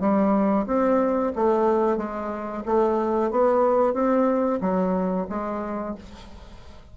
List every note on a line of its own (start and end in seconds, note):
0.00 0.66 G3
0.66 1.32 C4
1.35 1.97 A3
1.97 2.63 G#3
2.65 3.31 A3
3.31 3.93 B3
3.93 4.59 C4
4.61 5.27 F#3
5.29 5.95 G#3